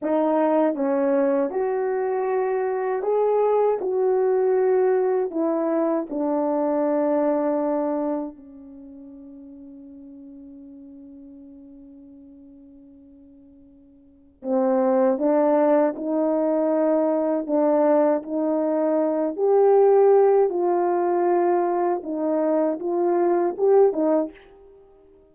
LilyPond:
\new Staff \with { instrumentName = "horn" } { \time 4/4 \tempo 4 = 79 dis'4 cis'4 fis'2 | gis'4 fis'2 e'4 | d'2. cis'4~ | cis'1~ |
cis'2. c'4 | d'4 dis'2 d'4 | dis'4. g'4. f'4~ | f'4 dis'4 f'4 g'8 dis'8 | }